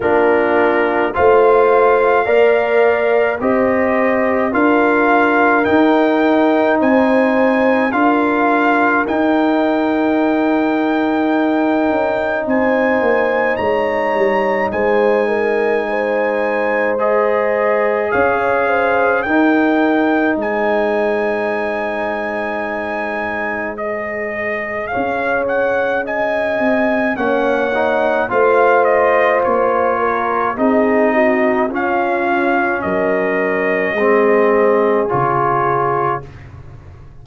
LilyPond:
<<
  \new Staff \with { instrumentName = "trumpet" } { \time 4/4 \tempo 4 = 53 ais'4 f''2 dis''4 | f''4 g''4 gis''4 f''4 | g''2. gis''4 | ais''4 gis''2 dis''4 |
f''4 g''4 gis''2~ | gis''4 dis''4 f''8 fis''8 gis''4 | fis''4 f''8 dis''8 cis''4 dis''4 | f''4 dis''2 cis''4 | }
  \new Staff \with { instrumentName = "horn" } { \time 4/4 f'4 c''4 d''4 c''4 | ais'2 c''4 ais'4~ | ais'2. c''4 | cis''4 c''8 ais'8 c''2 |
cis''8 c''8 ais'4 c''2~ | c''2 cis''4 dis''4 | cis''4 c''4. ais'8 gis'8 fis'8 | f'4 ais'4 gis'2 | }
  \new Staff \with { instrumentName = "trombone" } { \time 4/4 d'4 f'4 ais'4 g'4 | f'4 dis'2 f'4 | dis'1~ | dis'2. gis'4~ |
gis'4 dis'2.~ | dis'4 gis'2. | cis'8 dis'8 f'2 dis'4 | cis'2 c'4 f'4 | }
  \new Staff \with { instrumentName = "tuba" } { \time 4/4 ais4 a4 ais4 c'4 | d'4 dis'4 c'4 d'4 | dis'2~ dis'8 cis'8 c'8 ais8 | gis8 g8 gis2. |
cis'4 dis'4 gis2~ | gis2 cis'4. c'8 | ais4 a4 ais4 c'4 | cis'4 fis4 gis4 cis4 | }
>>